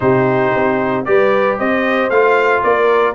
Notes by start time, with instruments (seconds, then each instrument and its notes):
0.00 tuba C3, trombone D#4, horn G4, trumpet C5
0.55 tuba C4
1.04 tuba G3, trombone G4, horn B4, trumpet D5
1.57 tuba C4, horn C5, trumpet D#5
2.10 tuba A3, trombone F4, trumpet F5
2.63 tuba A#3, horn A#4, trumpet D5